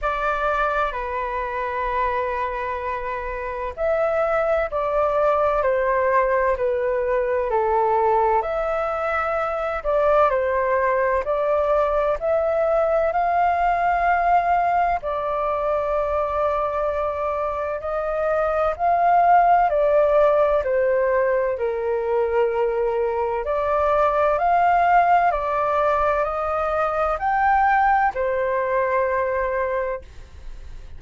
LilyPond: \new Staff \with { instrumentName = "flute" } { \time 4/4 \tempo 4 = 64 d''4 b'2. | e''4 d''4 c''4 b'4 | a'4 e''4. d''8 c''4 | d''4 e''4 f''2 |
d''2. dis''4 | f''4 d''4 c''4 ais'4~ | ais'4 d''4 f''4 d''4 | dis''4 g''4 c''2 | }